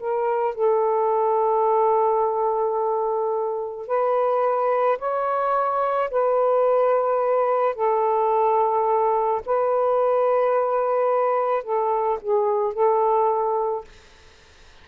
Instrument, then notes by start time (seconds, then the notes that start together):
saxophone
0.00 A#4
0.55 A4
3.87 B4
4.98 C#5
6.11 B4
7.75 A4
9.45 B4
11.63 A4
12.21 G#4
12.73 A4